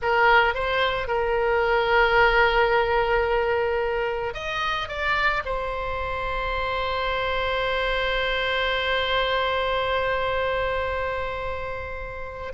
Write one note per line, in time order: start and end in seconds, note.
0.02 0.54 A#4
0.54 1.07 C5
1.07 4.33 A#4
4.33 4.88 D#5
4.88 5.42 D5
5.45 12.53 C5